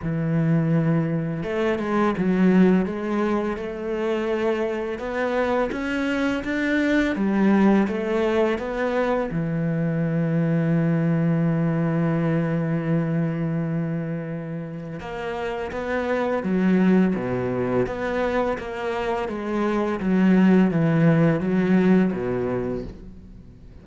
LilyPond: \new Staff \with { instrumentName = "cello" } { \time 4/4 \tempo 4 = 84 e2 a8 gis8 fis4 | gis4 a2 b4 | cis'4 d'4 g4 a4 | b4 e2.~ |
e1~ | e4 ais4 b4 fis4 | b,4 b4 ais4 gis4 | fis4 e4 fis4 b,4 | }